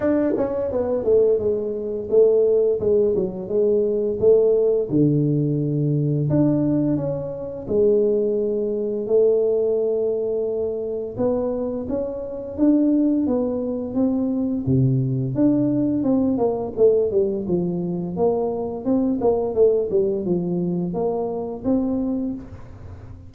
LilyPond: \new Staff \with { instrumentName = "tuba" } { \time 4/4 \tempo 4 = 86 d'8 cis'8 b8 a8 gis4 a4 | gis8 fis8 gis4 a4 d4~ | d4 d'4 cis'4 gis4~ | gis4 a2. |
b4 cis'4 d'4 b4 | c'4 c4 d'4 c'8 ais8 | a8 g8 f4 ais4 c'8 ais8 | a8 g8 f4 ais4 c'4 | }